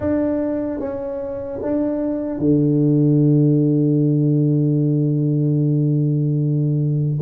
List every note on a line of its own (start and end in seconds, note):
0.00 0.79 D4
0.79 1.59 C#4
1.61 2.38 D4
2.38 7.18 D3